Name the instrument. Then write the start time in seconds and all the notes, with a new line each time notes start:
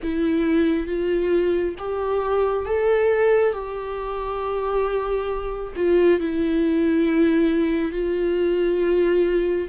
viola
0.02 E4
0.86 F4
1.78 G4
2.65 A4
3.52 G4
5.76 F4
6.20 E4
7.92 F4